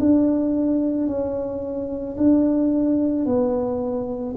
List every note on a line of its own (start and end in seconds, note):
0.00 1.08 D4
1.08 2.17 C#4
2.18 3.26 D4
3.26 4.35 B3